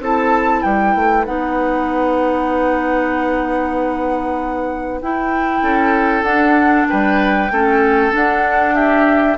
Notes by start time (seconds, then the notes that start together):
0.00 C4 E4 A4 A5
0.62 G3 B4 G5
0.95 A3
1.26 B3 D#4 F#5
5.01 E4 G5
5.62 C#4 A4
6.23 D4 F#5
6.89 G3 B4 G5
7.51 A3 C#4 A4
8.12 D4 F#5
8.75 G4 E5